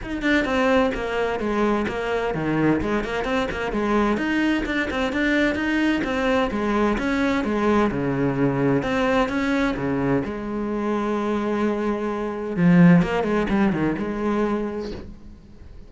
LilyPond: \new Staff \with { instrumentName = "cello" } { \time 4/4 \tempo 4 = 129 dis'8 d'8 c'4 ais4 gis4 | ais4 dis4 gis8 ais8 c'8 ais8 | gis4 dis'4 d'8 c'8 d'4 | dis'4 c'4 gis4 cis'4 |
gis4 cis2 c'4 | cis'4 cis4 gis2~ | gis2. f4 | ais8 gis8 g8 dis8 gis2 | }